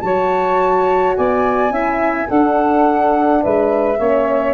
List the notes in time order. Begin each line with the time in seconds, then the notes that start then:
0.00 F#3 F#4 C#5 A5
1.16 B3 D5 G#5
1.70 C#4 E4 E5
2.27 D4 A4 F#5
3.42 G#3 B4 E5
3.98 A#3 C#4 C#5